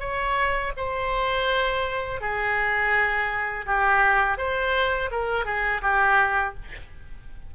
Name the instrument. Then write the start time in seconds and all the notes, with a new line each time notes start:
oboe
0.00 C#5
0.77 C5
2.21 G#4
3.66 G4
4.38 C5
5.11 A#4
5.45 G#4
5.82 G4